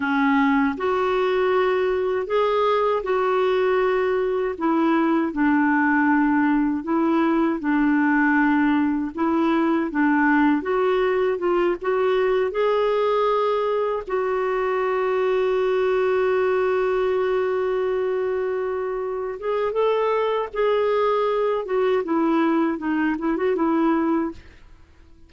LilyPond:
\new Staff \with { instrumentName = "clarinet" } { \time 4/4 \tempo 4 = 79 cis'4 fis'2 gis'4 | fis'2 e'4 d'4~ | d'4 e'4 d'2 | e'4 d'4 fis'4 f'8 fis'8~ |
fis'8 gis'2 fis'4.~ | fis'1~ | fis'4. gis'8 a'4 gis'4~ | gis'8 fis'8 e'4 dis'8 e'16 fis'16 e'4 | }